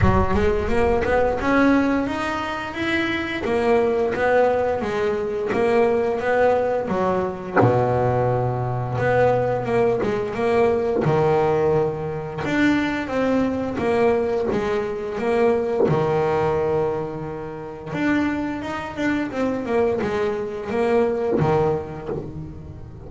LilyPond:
\new Staff \with { instrumentName = "double bass" } { \time 4/4 \tempo 4 = 87 fis8 gis8 ais8 b8 cis'4 dis'4 | e'4 ais4 b4 gis4 | ais4 b4 fis4 b,4~ | b,4 b4 ais8 gis8 ais4 |
dis2 d'4 c'4 | ais4 gis4 ais4 dis4~ | dis2 d'4 dis'8 d'8 | c'8 ais8 gis4 ais4 dis4 | }